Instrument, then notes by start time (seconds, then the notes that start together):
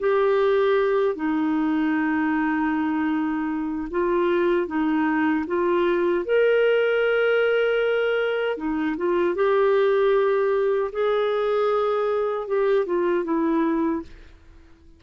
clarinet
0.00 G4
1.16 D#4
3.91 F4
4.68 D#4
5.47 F4
6.25 A#4
8.57 D#4
8.97 F4
9.35 G4
10.93 G#4
12.47 G4
12.86 F4
13.25 E4